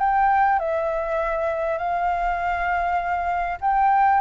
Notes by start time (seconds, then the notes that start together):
0.00 G5
0.59 E5
1.78 F5
3.61 G5